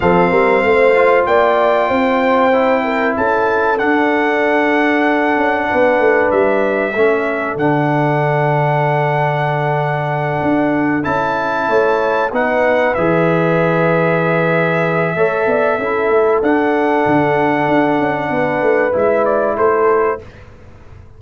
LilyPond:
<<
  \new Staff \with { instrumentName = "trumpet" } { \time 4/4 \tempo 4 = 95 f''2 g''2~ | g''4 a''4 fis''2~ | fis''2 e''2 | fis''1~ |
fis''4. a''2 fis''8~ | fis''8 e''2.~ e''8~ | e''2 fis''2~ | fis''2 e''8 d''8 c''4 | }
  \new Staff \with { instrumentName = "horn" } { \time 4/4 a'8 ais'8 c''4 d''4 c''4~ | c''8 ais'8 a'2.~ | a'4 b'2 a'4~ | a'1~ |
a'2~ a'8 cis''4 b'8~ | b'1 | cis''8 d''8 a'2.~ | a'4 b'2 a'4 | }
  \new Staff \with { instrumentName = "trombone" } { \time 4/4 c'4. f'2~ f'8 | e'2 d'2~ | d'2. cis'4 | d'1~ |
d'4. e'2 dis'8~ | dis'8 gis'2.~ gis'8 | a'4 e'4 d'2~ | d'2 e'2 | }
  \new Staff \with { instrumentName = "tuba" } { \time 4/4 f8 g8 a4 ais4 c'4~ | c'4 cis'4 d'2~ | d'8 cis'8 b8 a8 g4 a4 | d1~ |
d8 d'4 cis'4 a4 b8~ | b8 e2.~ e8 | a8 b8 cis'8 a8 d'4 d4 | d'8 cis'8 b8 a8 gis4 a4 | }
>>